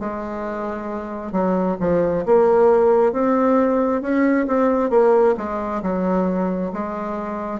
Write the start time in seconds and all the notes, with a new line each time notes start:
0.00 G#3
1.32 F#3
1.80 F3
2.26 A#3
3.13 C4
4.02 C#4
4.48 C4
4.90 A#3
5.37 G#3
5.82 F#3
6.73 G#3